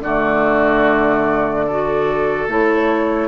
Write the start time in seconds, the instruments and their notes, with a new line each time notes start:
0.00 bassoon D3, clarinet A3, oboe F#4, flute D5
1.66 clarinet F#4, oboe A4
2.47 bassoon A3, clarinet E4, flute C#5